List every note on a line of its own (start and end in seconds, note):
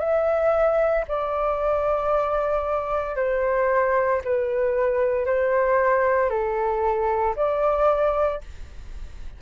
0.00 1.05 E5
1.08 3.16 D5
3.16 4.22 C5
4.24 5.26 B4
5.26 6.30 C5
6.30 7.35 A4
7.36 8.41 D5